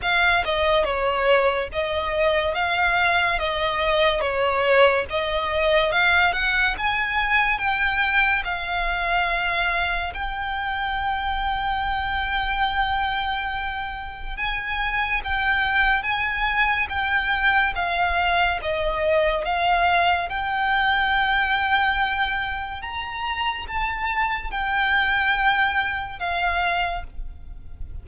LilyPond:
\new Staff \with { instrumentName = "violin" } { \time 4/4 \tempo 4 = 71 f''8 dis''8 cis''4 dis''4 f''4 | dis''4 cis''4 dis''4 f''8 fis''8 | gis''4 g''4 f''2 | g''1~ |
g''4 gis''4 g''4 gis''4 | g''4 f''4 dis''4 f''4 | g''2. ais''4 | a''4 g''2 f''4 | }